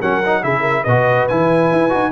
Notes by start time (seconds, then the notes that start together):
0.00 F#3 C#4 A#4 F#5
0.26 D#4
0.42 C#3 E4 G#4 E5
0.60 A#4
0.84 B2 F#4 B4 D#5
1.29 E3 E4 G#5
1.72 E4
1.90 D#4 F#4